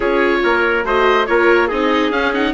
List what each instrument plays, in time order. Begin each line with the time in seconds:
0.00 bassoon C#4, viola F4, trumpet G#4, oboe C#5
0.43 bassoon A#3, trumpet A#4
0.84 bassoon A3, viola F#4, trumpet C5, oboe D#5
1.26 bassoon A#3, viola F4, trumpet A#4, oboe C#5
1.67 bassoon C4, viola D#4, trumpet G#4, oboe D#5
2.10 bassoon C#4, viola C#4, oboe F5
2.33 viola D#4, oboe F#5